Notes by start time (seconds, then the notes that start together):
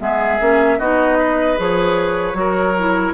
0.00 G#3 B3 G#4 E5
0.40 A#3 C#4
0.79 B3 D#4 F#4 D#5
1.19 B4
1.57 F3 G#4 C#5
2.34 F#3 F#4 A#4
2.79 E4